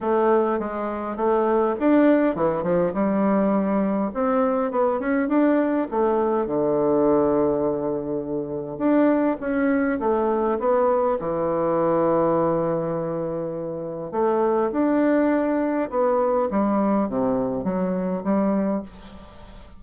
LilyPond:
\new Staff \with { instrumentName = "bassoon" } { \time 4/4 \tempo 4 = 102 a4 gis4 a4 d'4 | e8 f8 g2 c'4 | b8 cis'8 d'4 a4 d4~ | d2. d'4 |
cis'4 a4 b4 e4~ | e1 | a4 d'2 b4 | g4 c4 fis4 g4 | }